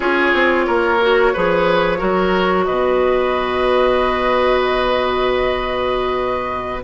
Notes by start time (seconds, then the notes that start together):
0.00 C#4 F4 G#4 C#5
0.33 C4
0.66 A#3 A#4
1.01 F#4
1.33 F3 G#4 B4
1.97 F#3 F#4 A#4
2.64 B2 B4 D#5